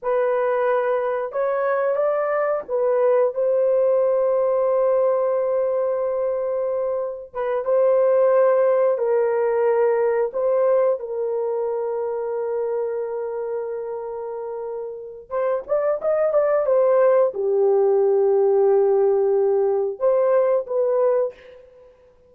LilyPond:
\new Staff \with { instrumentName = "horn" } { \time 4/4 \tempo 4 = 90 b'2 cis''4 d''4 | b'4 c''2.~ | c''2. b'8 c''8~ | c''4. ais'2 c''8~ |
c''8 ais'2.~ ais'8~ | ais'2. c''8 d''8 | dis''8 d''8 c''4 g'2~ | g'2 c''4 b'4 | }